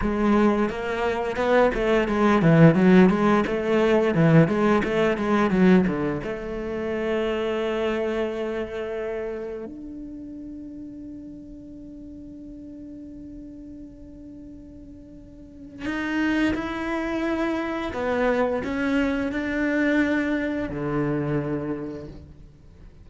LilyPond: \new Staff \with { instrumentName = "cello" } { \time 4/4 \tempo 4 = 87 gis4 ais4 b8 a8 gis8 e8 | fis8 gis8 a4 e8 gis8 a8 gis8 | fis8 d8 a2.~ | a2 d'2~ |
d'1~ | d'2. dis'4 | e'2 b4 cis'4 | d'2 d2 | }